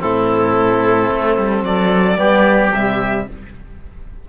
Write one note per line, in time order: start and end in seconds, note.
0.00 1.10 A2
0.00 2.17 C4
0.00 1.64 E4
0.00 1.64 A4
1.10 1.37 A3
1.38 1.63 G3
1.63 2.17 F#3
1.63 2.19 A4
1.63 2.73 D5
2.17 2.73 G3
2.17 2.71 B3
2.17 3.28 G4
2.74 3.28 C3
2.74 3.29 G3
2.74 3.29 E5